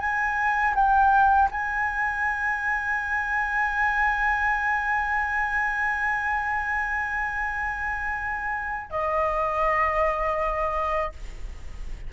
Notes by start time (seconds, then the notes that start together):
0.00 G#5
0.75 G5
1.51 G#5
8.90 D#5